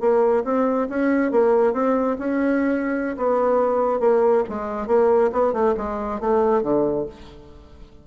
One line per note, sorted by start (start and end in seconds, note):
0.00 0.43 A#3
0.44 0.88 C4
0.89 1.31 C#4
1.31 1.73 A#3
1.73 2.16 C4
2.18 3.16 C#4
3.17 4.00 B3
4.00 4.43 A#3
4.49 4.87 G#3
4.87 5.30 A#3
5.32 5.53 B3
5.53 5.74 A3
5.77 6.20 G#3
6.20 6.62 A3
6.62 7.06 D3